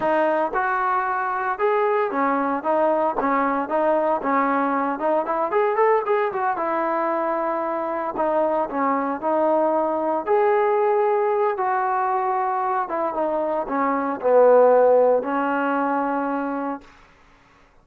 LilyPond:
\new Staff \with { instrumentName = "trombone" } { \time 4/4 \tempo 4 = 114 dis'4 fis'2 gis'4 | cis'4 dis'4 cis'4 dis'4 | cis'4. dis'8 e'8 gis'8 a'8 gis'8 | fis'8 e'2. dis'8~ |
dis'8 cis'4 dis'2 gis'8~ | gis'2 fis'2~ | fis'8 e'8 dis'4 cis'4 b4~ | b4 cis'2. | }